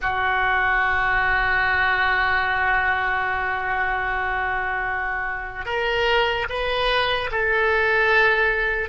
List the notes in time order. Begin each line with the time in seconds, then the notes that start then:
0.01 F#4
5.65 A#4
6.49 B4
7.31 A4